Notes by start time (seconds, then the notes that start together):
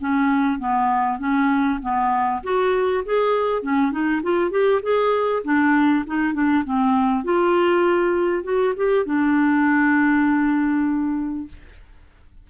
0.00 C#4
0.59 B3
1.19 C#4
1.82 B3
2.44 F#4
3.05 G#4
3.62 C#4
3.91 D#4
4.23 F4
4.51 G4
4.82 G#4
5.44 D4
6.06 D#4
6.34 D4
6.65 C4
7.24 F4
8.44 F#4
8.76 G4
9.06 D4